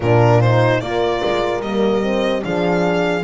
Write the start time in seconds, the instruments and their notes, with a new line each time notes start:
0.00 double bass A#2, horn D4 F4, violin A#4
0.40 horn D#4, violin C5
0.80 double bass A#3, horn F4 A#4, violin D5
1.24 double bass G#3
1.61 double bass G3, horn A#3, violin D#5
2.01 horn C4
2.42 double bass F3, horn D4 G#4, violin F5